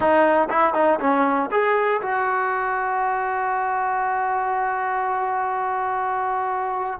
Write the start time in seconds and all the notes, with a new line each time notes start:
0.00 D#4
0.49 E4
0.74 D#4
1.00 C#4
1.51 G#4
2.01 F#4